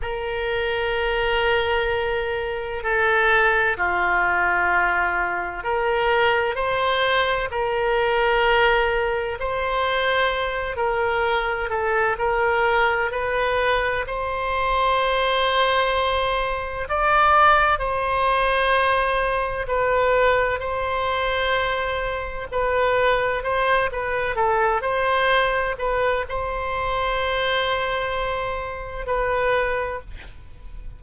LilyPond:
\new Staff \with { instrumentName = "oboe" } { \time 4/4 \tempo 4 = 64 ais'2. a'4 | f'2 ais'4 c''4 | ais'2 c''4. ais'8~ | ais'8 a'8 ais'4 b'4 c''4~ |
c''2 d''4 c''4~ | c''4 b'4 c''2 | b'4 c''8 b'8 a'8 c''4 b'8 | c''2. b'4 | }